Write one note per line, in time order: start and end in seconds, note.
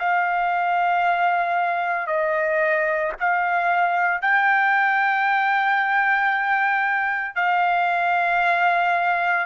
0.00 2.07 F5
2.07 3.12 D#5
3.20 4.22 F5
4.22 7.35 G5
7.35 9.46 F5